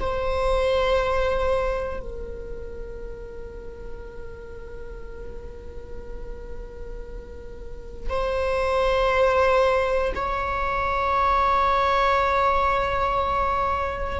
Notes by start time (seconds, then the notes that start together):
0.00 C5
2.00 A#4
8.09 C5
10.15 C#5